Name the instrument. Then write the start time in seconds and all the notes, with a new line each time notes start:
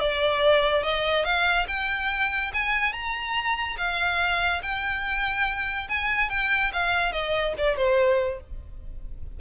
violin
0.00 D5
0.83 D#5
1.25 F5
1.68 G5
2.54 G#5
2.93 A#5
3.78 F5
4.62 G5
5.89 G#5
6.30 G5
6.73 F5
7.12 D#5
7.58 D5
7.77 C5